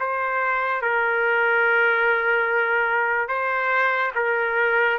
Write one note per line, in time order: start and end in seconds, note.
0.00 0.82 C5
0.82 3.28 A#4
3.28 4.12 C5
4.15 4.98 A#4